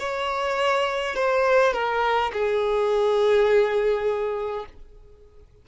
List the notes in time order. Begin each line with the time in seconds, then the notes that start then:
0.00 C#5
1.15 C5
1.73 A#4
2.33 G#4